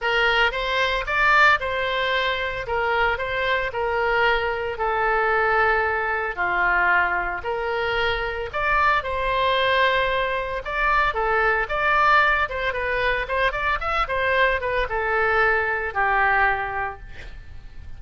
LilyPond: \new Staff \with { instrumentName = "oboe" } { \time 4/4 \tempo 4 = 113 ais'4 c''4 d''4 c''4~ | c''4 ais'4 c''4 ais'4~ | ais'4 a'2. | f'2 ais'2 |
d''4 c''2. | d''4 a'4 d''4. c''8 | b'4 c''8 d''8 e''8 c''4 b'8 | a'2 g'2 | }